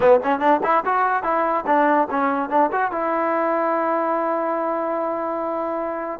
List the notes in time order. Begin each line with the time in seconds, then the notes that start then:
0.00 B3
0.23 C#4
0.39 D4
0.63 E4
0.85 F#4
1.23 E4
1.66 D4
2.10 C#4
2.49 D4
2.72 F#4
2.91 E4